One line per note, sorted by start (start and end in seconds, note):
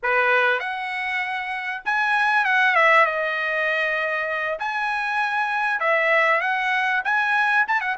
0.02 0.59 B4
0.59 1.81 F#5
1.85 2.44 G#5
2.44 2.75 F#5
2.75 3.05 E5
3.05 4.58 D#5
4.59 5.80 G#5
5.80 6.40 E5
6.40 7.02 F#5
7.04 7.65 G#5
7.67 7.80 A5
7.80 7.96 F#5